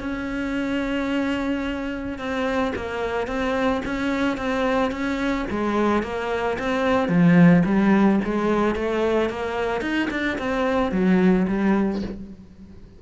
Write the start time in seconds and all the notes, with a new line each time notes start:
0.00 C#4
2.18 C4
2.76 A#3
3.27 C4
3.85 C#4
4.37 C4
4.91 C#4
5.50 G#3
6.03 A#3
6.59 C4
7.08 F3
7.65 G3
8.24 G#3
8.75 A3
9.30 A#3
9.81 D#4
10.10 D4
10.38 C4
10.92 F#3
11.47 G3